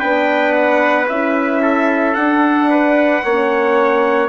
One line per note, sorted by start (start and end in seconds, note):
0.00 1.09 B3
0.00 1.07 D4
0.00 1.61 B4
0.00 0.53 G5
0.53 1.06 F#5
1.09 2.17 C#4
1.09 2.17 E4
1.09 2.15 E5
1.62 2.70 A4
2.15 3.24 D4
2.15 3.25 D4
2.15 4.29 F#5
2.70 3.23 B4
3.24 4.29 A#3
3.24 4.29 C#4
3.24 4.29 C#5